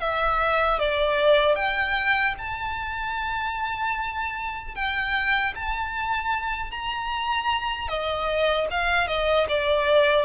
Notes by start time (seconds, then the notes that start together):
0.00 E5
0.79 D5
1.56 G5
2.39 A5
4.75 G5
5.55 A5
6.71 A#5
7.89 D#5
8.71 F5
9.08 D#5
9.49 D5